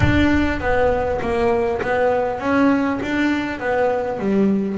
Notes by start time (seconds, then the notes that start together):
0.00 D4
0.60 B3
1.21 A#3
1.82 B3
2.39 C#4
3.02 D4
3.59 B3
4.19 G3